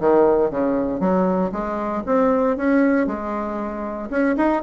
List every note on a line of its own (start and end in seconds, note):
0.00 0.50 D#3
0.50 1.00 C#3
1.00 1.51 F#3
1.52 2.03 G#3
2.06 2.57 C4
2.57 3.07 C#4
3.07 4.10 G#3
4.10 4.36 C#4
4.37 4.62 D#4